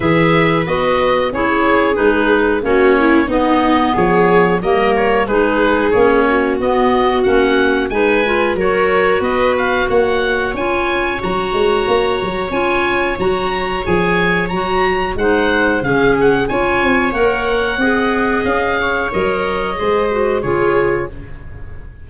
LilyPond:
<<
  \new Staff \with { instrumentName = "oboe" } { \time 4/4 \tempo 4 = 91 e''4 dis''4 cis''4 b'4 | cis''4 dis''4 cis''4 dis''8 cis''8 | b'4 cis''4 dis''4 fis''4 | gis''4 cis''4 dis''8 f''8 fis''4 |
gis''4 ais''2 gis''4 | ais''4 gis''4 ais''4 fis''4 | f''8 fis''8 gis''4 fis''2 | f''4 dis''2 cis''4 | }
  \new Staff \with { instrumentName = "viola" } { \time 4/4 b'2 gis'2 | fis'8 e'8 dis'4 gis'4 ais'4 | gis'4. fis'2~ fis'8 | b'4 ais'4 b'4 cis''4~ |
cis''1~ | cis''2. c''4 | gis'4 cis''2 dis''4~ | dis''8 cis''4. c''4 gis'4 | }
  \new Staff \with { instrumentName = "clarinet" } { \time 4/4 gis'4 fis'4 e'4 dis'4 | cis'4 b2 ais4 | dis'4 cis'4 b4 cis'4 | dis'8 f'8 fis'2. |
f'4 fis'2 f'4 | fis'4 gis'4 fis'4 dis'4 | cis'4 f'4 ais'4 gis'4~ | gis'4 ais'4 gis'8 fis'8 f'4 | }
  \new Staff \with { instrumentName = "tuba" } { \time 4/4 e4 b4 cis'4 gis4 | ais4 b4 f4 g4 | gis4 ais4 b4 ais4 | gis4 fis4 b4 ais4 |
cis'4 fis8 gis8 ais8 fis8 cis'4 | fis4 f4 fis4 gis4 | cis4 cis'8 c'8 ais4 c'4 | cis'4 fis4 gis4 cis4 | }
>>